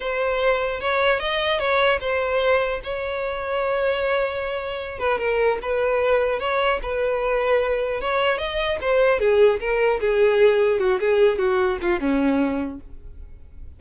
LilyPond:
\new Staff \with { instrumentName = "violin" } { \time 4/4 \tempo 4 = 150 c''2 cis''4 dis''4 | cis''4 c''2 cis''4~ | cis''1~ | cis''8 b'8 ais'4 b'2 |
cis''4 b'2. | cis''4 dis''4 c''4 gis'4 | ais'4 gis'2 fis'8 gis'8~ | gis'8 fis'4 f'8 cis'2 | }